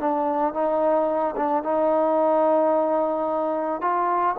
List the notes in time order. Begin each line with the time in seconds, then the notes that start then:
0.00 D4
0.54 D#4
1.37 D4
1.63 D#4
3.81 F4